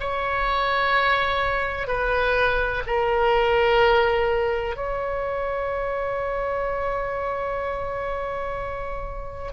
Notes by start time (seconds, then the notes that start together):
0.00 C#5
1.87 B4
2.87 A#4
4.77 C#5